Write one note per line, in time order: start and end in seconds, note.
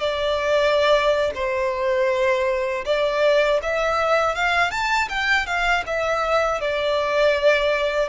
0.00 1.31 D5
1.35 2.85 C5
2.85 3.60 D5
3.62 4.35 E5
4.35 4.71 F5
4.71 5.08 A5
5.09 5.46 G5
5.46 5.84 F5
5.86 6.61 E5
6.61 8.09 D5